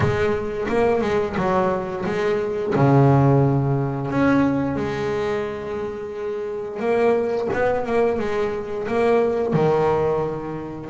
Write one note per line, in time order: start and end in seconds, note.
0.00 0.67 G#3
0.68 1.01 A#3
1.01 1.35 G#3
1.36 2.05 F#3
2.05 2.74 G#3
2.75 4.11 C#3
4.11 4.75 C#4
4.75 6.79 G#3
6.79 7.48 A#3
7.53 7.86 B3
7.86 8.19 A#3
8.19 8.87 G#3
8.87 9.53 A#3
9.53 10.89 D#3